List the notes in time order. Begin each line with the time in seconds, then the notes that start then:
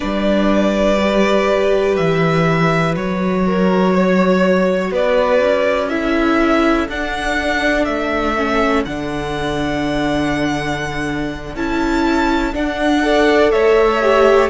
0.00 G3 D4 B4 D5
0.99 G4
1.96 E3 E5
2.95 F#3 F#4 C#5
3.46 A#4
3.94 C#5
4.90 B3 B4 D5
5.40 C#4
5.89 E4 A4 E5
6.88 D4 F#5
7.84 A3 E5
8.37 C#4
8.85 D3 D4 F#5
11.55 C#4 E4 A5
12.53 D4 F#5
13.02 A4 D5
13.51 A3 C#5 E5
14.00 G4